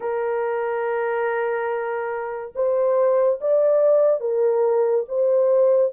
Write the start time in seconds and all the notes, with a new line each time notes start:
0.00 A#4
2.55 C5
3.40 D5
4.20 A#4
5.08 C5